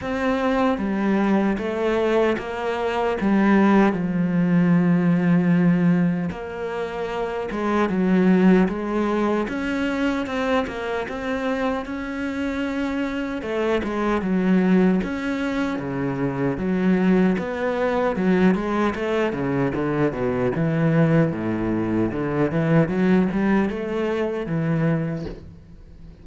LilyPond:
\new Staff \with { instrumentName = "cello" } { \time 4/4 \tempo 4 = 76 c'4 g4 a4 ais4 | g4 f2. | ais4. gis8 fis4 gis4 | cis'4 c'8 ais8 c'4 cis'4~ |
cis'4 a8 gis8 fis4 cis'4 | cis4 fis4 b4 fis8 gis8 | a8 cis8 d8 b,8 e4 a,4 | d8 e8 fis8 g8 a4 e4 | }